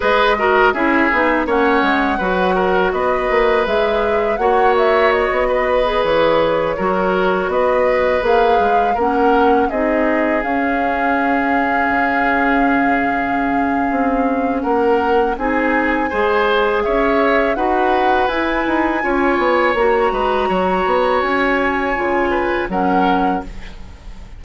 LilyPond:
<<
  \new Staff \with { instrumentName = "flute" } { \time 4/4 \tempo 4 = 82 dis''4 e''4 fis''2 | dis''4 e''4 fis''8 e''8 dis''4~ | dis''16 cis''2 dis''4 f''8.~ | f''16 fis''4 dis''4 f''4.~ f''16~ |
f''1 | fis''4 gis''2 e''4 | fis''4 gis''2 ais''4~ | ais''4 gis''2 fis''4 | }
  \new Staff \with { instrumentName = "oboe" } { \time 4/4 b'8 ais'8 gis'4 cis''4 b'8 ais'8 | b'2 cis''4. b'8~ | b'4~ b'16 ais'4 b'4.~ b'16~ | b'16 ais'4 gis'2~ gis'8.~ |
gis'1 | ais'4 gis'4 c''4 cis''4 | b'2 cis''4. b'8 | cis''2~ cis''8 b'8 ais'4 | }
  \new Staff \with { instrumentName = "clarinet" } { \time 4/4 gis'8 fis'8 e'8 dis'8 cis'4 fis'4~ | fis'4 gis'4 fis'2 | gis'4~ gis'16 fis'2 gis'8.~ | gis'16 cis'4 dis'4 cis'4.~ cis'16~ |
cis'1~ | cis'4 dis'4 gis'2 | fis'4 e'4 f'4 fis'4~ | fis'2 f'4 cis'4 | }
  \new Staff \with { instrumentName = "bassoon" } { \time 4/4 gis4 cis'8 b8 ais8 gis8 fis4 | b8 ais8 gis4 ais4~ ais16 b8.~ | b16 e4 fis4 b4 ais8 gis16~ | gis16 ais4 c'4 cis'4.~ cis'16~ |
cis'16 cis2~ cis8. c'4 | ais4 c'4 gis4 cis'4 | dis'4 e'8 dis'8 cis'8 b8 ais8 gis8 | fis8 b8 cis'4 cis4 fis4 | }
>>